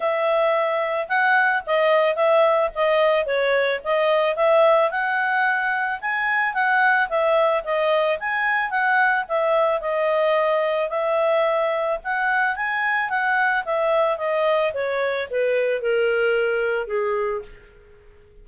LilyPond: \new Staff \with { instrumentName = "clarinet" } { \time 4/4 \tempo 4 = 110 e''2 fis''4 dis''4 | e''4 dis''4 cis''4 dis''4 | e''4 fis''2 gis''4 | fis''4 e''4 dis''4 gis''4 |
fis''4 e''4 dis''2 | e''2 fis''4 gis''4 | fis''4 e''4 dis''4 cis''4 | b'4 ais'2 gis'4 | }